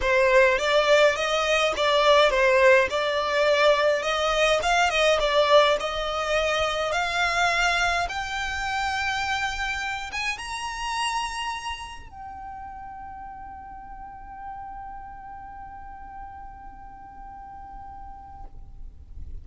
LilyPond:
\new Staff \with { instrumentName = "violin" } { \time 4/4 \tempo 4 = 104 c''4 d''4 dis''4 d''4 | c''4 d''2 dis''4 | f''8 dis''8 d''4 dis''2 | f''2 g''2~ |
g''4. gis''8 ais''2~ | ais''4 g''2.~ | g''1~ | g''1 | }